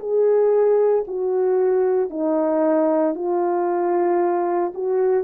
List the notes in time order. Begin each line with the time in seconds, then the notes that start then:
0.00 G#4
1.08 F#4
2.11 D#4
3.15 F4
4.75 F#4